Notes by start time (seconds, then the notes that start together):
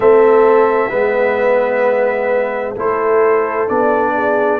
0.00 A3 C4 A4 E5
0.89 G#3 B3 B4
2.75 A3 E4 A4 C5
3.67 B3 D4 D5
4.14 G#4